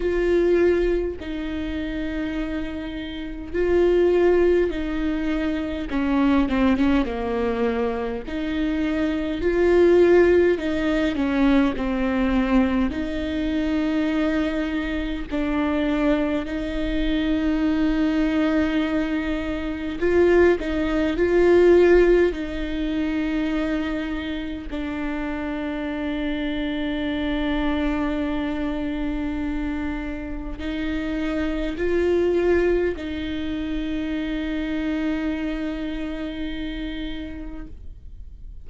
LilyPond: \new Staff \with { instrumentName = "viola" } { \time 4/4 \tempo 4 = 51 f'4 dis'2 f'4 | dis'4 cis'8 c'16 cis'16 ais4 dis'4 | f'4 dis'8 cis'8 c'4 dis'4~ | dis'4 d'4 dis'2~ |
dis'4 f'8 dis'8 f'4 dis'4~ | dis'4 d'2.~ | d'2 dis'4 f'4 | dis'1 | }